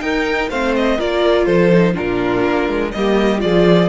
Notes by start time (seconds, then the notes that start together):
0.00 D#4 A#4 G5
0.49 A3 C4 C5 F5
0.76 D#5
0.98 A#3 F4 A#4 D5
1.45 F3 A4 C5
1.73 D#4
1.94 A#2 D4 F4 A#4
2.46 A#3
2.68 G#3
2.92 G3 A#3 G4 D#5
3.39 F3 F4 G#4 D5